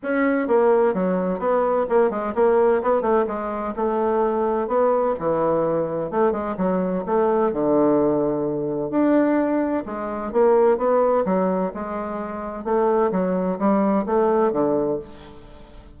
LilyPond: \new Staff \with { instrumentName = "bassoon" } { \time 4/4 \tempo 4 = 128 cis'4 ais4 fis4 b4 | ais8 gis8 ais4 b8 a8 gis4 | a2 b4 e4~ | e4 a8 gis8 fis4 a4 |
d2. d'4~ | d'4 gis4 ais4 b4 | fis4 gis2 a4 | fis4 g4 a4 d4 | }